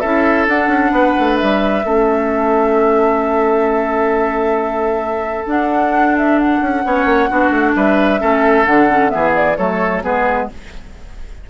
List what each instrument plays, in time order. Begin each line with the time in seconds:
0.00 bassoon C#4, clarinet E4, oboe A4, flute E5
0.48 bassoon D4, clarinet D4, flute F#5
0.67 bassoon C#4
0.91 bassoon B3, oboe B4
1.19 bassoon A3
1.37 bassoon G3, flute E5
1.84 bassoon A3, clarinet C#4, oboe A4
5.46 bassoon D4, clarinet D4, flute F#5
6.17 flute E5
6.39 flute F#5
6.61 bassoon C#4
6.84 bassoon B3, clarinet C#4, oboe C#5
7.05 bassoon A#3
7.30 bassoon B3, clarinet D4, oboe F#4
7.50 bassoon A3
7.76 bassoon G3, oboe B4, flute E5
8.20 bassoon A3, clarinet C#4, oboe A4
8.66 bassoon D3, clarinet D4, flute F#5
8.89 clarinet C#4
9.09 bassoon E3, clarinet B3, oboe G#4, flute E5
9.35 flute D5
9.57 bassoon F#3, clarinet A3, oboe A4, flute C#5
10.03 bassoon G#3, clarinet B3, oboe G#4, flute B4